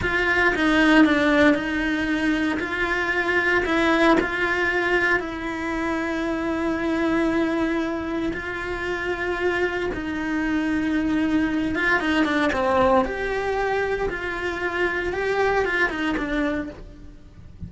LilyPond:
\new Staff \with { instrumentName = "cello" } { \time 4/4 \tempo 4 = 115 f'4 dis'4 d'4 dis'4~ | dis'4 f'2 e'4 | f'2 e'2~ | e'1 |
f'2. dis'4~ | dis'2~ dis'8 f'8 dis'8 d'8 | c'4 g'2 f'4~ | f'4 g'4 f'8 dis'8 d'4 | }